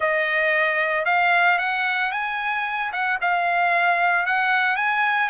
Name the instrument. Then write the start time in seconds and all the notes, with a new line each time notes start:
trumpet
0.00 D#5
1.05 F5
1.58 F#5
2.11 G#5
2.92 F#5
3.21 F5
4.26 F#5
4.76 G#5